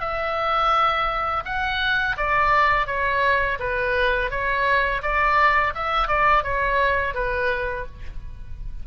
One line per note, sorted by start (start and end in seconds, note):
0.00 1.43 E5
1.44 2.16 F#5
2.17 2.86 D5
2.86 3.58 C#5
3.59 4.30 B4
4.30 5.02 C#5
5.02 5.73 D5
5.74 6.07 E5
6.07 6.43 D5
6.43 7.14 C#5
7.14 7.85 B4